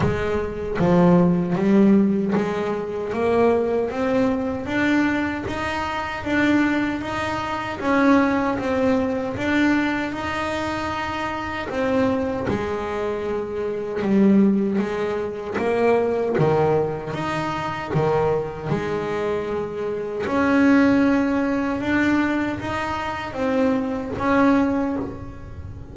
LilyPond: \new Staff \with { instrumentName = "double bass" } { \time 4/4 \tempo 4 = 77 gis4 f4 g4 gis4 | ais4 c'4 d'4 dis'4 | d'4 dis'4 cis'4 c'4 | d'4 dis'2 c'4 |
gis2 g4 gis4 | ais4 dis4 dis'4 dis4 | gis2 cis'2 | d'4 dis'4 c'4 cis'4 | }